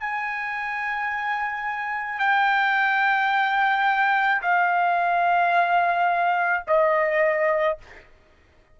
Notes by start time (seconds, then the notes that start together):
0.00 G#5
2.19 G5
4.42 F5
6.67 D#5